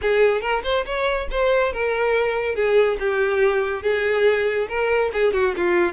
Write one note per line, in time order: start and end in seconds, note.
0.01 0.41 G#4
0.41 0.62 A#4
0.63 0.85 C5
0.85 1.28 C#5
1.31 1.73 C5
1.73 2.55 A#4
2.55 2.97 G#4
2.99 3.82 G4
3.82 4.67 G#4
4.68 5.11 A#4
5.13 5.33 G#4
5.33 5.54 F#4
5.56 5.93 F4